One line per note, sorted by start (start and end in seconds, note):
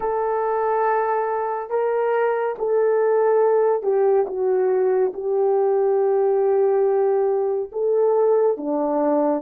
0.00 1.69 A4
1.69 2.55 A#4
2.58 3.83 A4
3.83 4.25 G4
4.26 5.12 F#4
5.13 7.70 G4
7.71 8.57 A4
8.57 9.42 D4